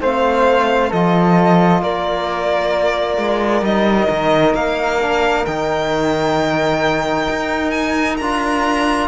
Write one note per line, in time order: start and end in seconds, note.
0.00 0.91 A3
0.00 0.93 C4
0.00 0.89 C5
0.00 0.92 F5
0.89 1.82 F3
0.89 3.64 F4
0.89 1.80 A4
0.89 1.83 D#5
1.82 3.17 A#3
1.82 9.08 A#4
1.82 3.64 D5
3.17 3.62 G#3
3.62 4.07 G3
3.62 5.00 D#4
3.62 4.55 D#5
4.10 4.54 D#3
4.54 5.45 A#3
4.54 5.45 F5
5.00 5.46 D4
5.45 7.28 D#3
5.45 8.20 D#4
5.45 7.70 G5
7.29 8.20 D#4
7.70 8.16 G#5
8.17 9.08 D4
8.17 9.08 F4
8.17 9.08 A#5